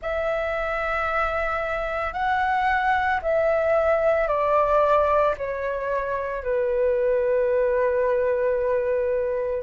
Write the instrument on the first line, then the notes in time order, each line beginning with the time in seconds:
flute
0.01 E5
2.13 F#5
3.21 E5
4.27 D5
5.37 C#5
6.43 B4